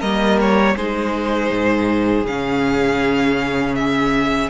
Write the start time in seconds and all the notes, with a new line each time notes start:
0.00 G3 A#3 A#4 D#5
0.41 C#5
0.76 G#3 D#4 G#4 C5
1.51 G#2
2.25 C#3 C#4 F5
3.75 E5